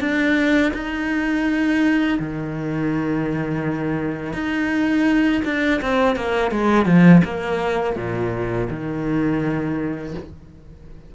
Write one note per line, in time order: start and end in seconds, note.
0.00 0.72 D4
0.74 2.19 D#4
2.19 4.33 D#3
4.33 5.42 D#4
5.45 5.81 D4
5.82 6.16 C4
6.16 6.51 A#3
6.51 6.86 G#3
6.86 7.22 F3
7.25 7.96 A#3
7.96 8.68 A#2
8.70 10.15 D#3